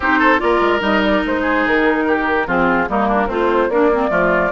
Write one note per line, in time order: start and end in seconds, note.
0.00 0.40 C4
0.00 0.38 D#4
0.00 0.19 G4
0.00 0.40 C5
0.19 0.39 A4
0.38 0.60 A#3
0.38 0.79 F4
0.38 1.41 A#4
0.38 0.81 D5
0.60 0.81 G#3
0.80 1.22 G3
0.80 2.44 D#4
0.80 1.03 D#5
1.03 1.24 D5
1.25 1.66 G#3
1.25 1.67 C5
1.41 2.03 G#4
1.66 2.46 D#3
1.66 2.48 A#4
2.07 2.47 G4
2.46 2.88 F3
2.46 2.87 C4
2.46 2.88 F4
2.46 2.89 G#4
2.88 3.28 G3
2.88 3.29 A#3
2.88 3.08 D#4
2.88 3.30 A#4
3.08 3.26 D4
3.26 3.68 A3
3.26 3.67 C4
3.26 3.71 F4
3.26 3.70 C5
3.68 4.10 A#3
3.68 3.91 D4
3.68 4.51 D5
3.92 4.08 C4
4.08 4.51 F3
4.08 4.49 A3
4.08 4.51 F4